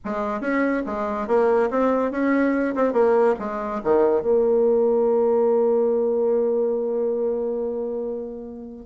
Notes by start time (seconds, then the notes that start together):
0.04 G#3
0.40 C#4
0.86 G#3
1.27 A#3
1.70 C4
2.11 C#4
2.75 C4
2.92 A#3
3.39 G#3
3.83 D#3
4.22 A#3